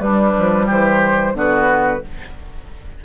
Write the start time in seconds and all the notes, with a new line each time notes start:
0.00 G3 D4 B4
0.09 G3
0.38 F3
0.66 E3 G4 C5
1.34 D3 B3 F#4 B4